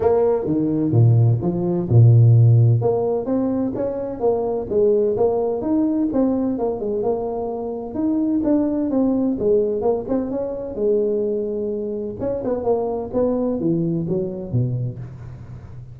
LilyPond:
\new Staff \with { instrumentName = "tuba" } { \time 4/4 \tempo 4 = 128 ais4 dis4 ais,4 f4 | ais,2 ais4 c'4 | cis'4 ais4 gis4 ais4 | dis'4 c'4 ais8 gis8 ais4~ |
ais4 dis'4 d'4 c'4 | gis4 ais8 c'8 cis'4 gis4~ | gis2 cis'8 b8 ais4 | b4 e4 fis4 b,4 | }